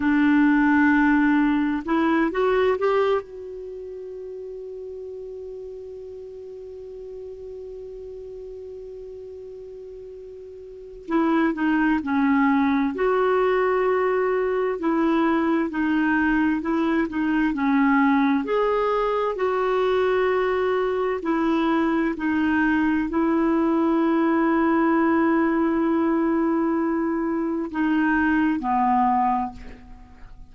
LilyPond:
\new Staff \with { instrumentName = "clarinet" } { \time 4/4 \tempo 4 = 65 d'2 e'8 fis'8 g'8 fis'8~ | fis'1~ | fis'1 | e'8 dis'8 cis'4 fis'2 |
e'4 dis'4 e'8 dis'8 cis'4 | gis'4 fis'2 e'4 | dis'4 e'2.~ | e'2 dis'4 b4 | }